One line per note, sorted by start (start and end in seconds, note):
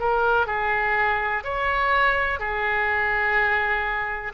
0.00 0.47 A#4
0.47 1.44 G#4
1.44 2.40 C#5
2.40 4.33 G#4